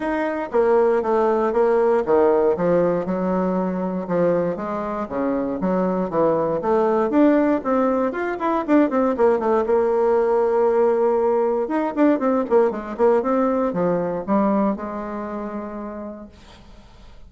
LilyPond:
\new Staff \with { instrumentName = "bassoon" } { \time 4/4 \tempo 4 = 118 dis'4 ais4 a4 ais4 | dis4 f4 fis2 | f4 gis4 cis4 fis4 | e4 a4 d'4 c'4 |
f'8 e'8 d'8 c'8 ais8 a8 ais4~ | ais2. dis'8 d'8 | c'8 ais8 gis8 ais8 c'4 f4 | g4 gis2. | }